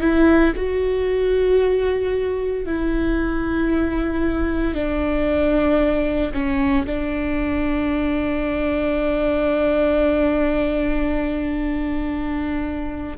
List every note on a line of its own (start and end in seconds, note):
0.00 0.53 E4
0.56 2.66 F#4
2.66 4.74 E4
4.74 6.32 D4
6.33 6.86 C#4
6.86 13.18 D4